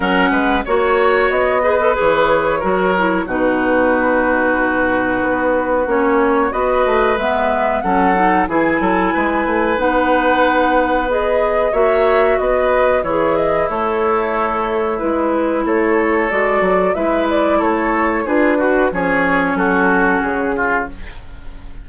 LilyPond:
<<
  \new Staff \with { instrumentName = "flute" } { \time 4/4 \tempo 4 = 92 fis''4 cis''4 dis''4 cis''4~ | cis''4 b'2.~ | b'4 cis''4 dis''4 e''4 | fis''4 gis''2 fis''4~ |
fis''4 dis''4 e''4 dis''4 | cis''8 dis''8 cis''2 b'4 | cis''4 d''4 e''8 d''8 cis''4 | b'4 cis''4 a'4 gis'4 | }
  \new Staff \with { instrumentName = "oboe" } { \time 4/4 ais'8 b'8 cis''4. b'4. | ais'4 fis'2.~ | fis'2 b'2 | a'4 gis'8 a'8 b'2~ |
b'2 cis''4 b'4 | e'1 | a'2 b'4 a'4 | gis'8 fis'8 gis'4 fis'4. f'8 | }
  \new Staff \with { instrumentName = "clarinet" } { \time 4/4 cis'4 fis'4. gis'16 a'16 gis'4 | fis'8 e'8 dis'2.~ | dis'4 cis'4 fis'4 b4 | cis'8 dis'8 e'2 dis'4~ |
dis'4 gis'4 fis'2 | gis'4 a'2 e'4~ | e'4 fis'4 e'2 | f'8 fis'8 cis'2. | }
  \new Staff \with { instrumentName = "bassoon" } { \time 4/4 fis8 gis8 ais4 b4 e4 | fis4 b,2. | b4 ais4 b8 a8 gis4 | fis4 e8 fis8 gis8 a8 b4~ |
b2 ais4 b4 | e4 a2 gis4 | a4 gis8 fis8 gis4 a4 | d'4 f4 fis4 cis4 | }
>>